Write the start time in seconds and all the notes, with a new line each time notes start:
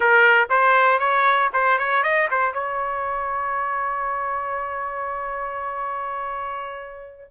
0.00 A#4
0.49 C5
0.99 C#5
1.53 C5
1.78 C#5
2.03 D#5
2.30 C5
2.53 C#5